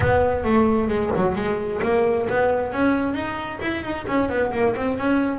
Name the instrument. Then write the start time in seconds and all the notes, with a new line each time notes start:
double bass
0.00 B3
0.44 A3
0.88 G#3
1.16 F#3
1.35 G#3
1.82 A#3
2.29 B3
2.72 C#4
3.14 D#4
3.61 E4
3.83 D#4
4.07 C#4
4.29 B3
4.52 A#3
4.76 C4
4.97 C#4